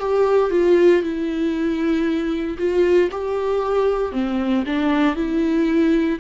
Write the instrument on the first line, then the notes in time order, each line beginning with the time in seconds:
viola
0.00 G4
0.51 F4
1.03 E4
2.59 F4
3.12 G4
4.12 C4
4.66 D4
5.16 E4